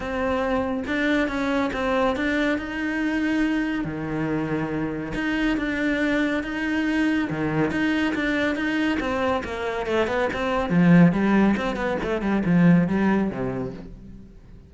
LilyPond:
\new Staff \with { instrumentName = "cello" } { \time 4/4 \tempo 4 = 140 c'2 d'4 cis'4 | c'4 d'4 dis'2~ | dis'4 dis2. | dis'4 d'2 dis'4~ |
dis'4 dis4 dis'4 d'4 | dis'4 c'4 ais4 a8 b8 | c'4 f4 g4 c'8 b8 | a8 g8 f4 g4 c4 | }